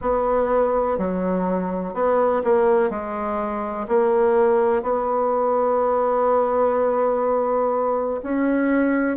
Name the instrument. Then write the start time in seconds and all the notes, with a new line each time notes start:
bassoon
0.01 B3
0.98 F#3
1.94 B3
2.44 A#3
2.90 G#3
3.88 A#3
4.82 B3
8.23 C#4